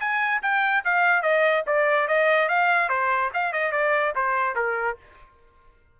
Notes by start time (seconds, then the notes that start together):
0.00 G#5
0.42 G5
0.85 F5
1.22 D#5
1.67 D5
2.08 D#5
2.49 F5
2.89 C5
3.34 F5
3.53 D#5
3.72 D5
4.16 C5
4.56 A#4